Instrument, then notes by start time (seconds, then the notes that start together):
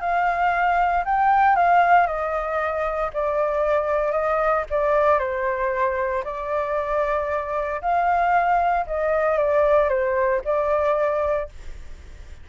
flute
0.00 F5
1.05 G5
1.56 F5
2.06 D#5
3.14 D5
4.12 D#5
4.70 D5
5.19 C5
6.24 D5
7.81 F5
8.86 D#5
9.37 D5
9.89 C5
10.44 D5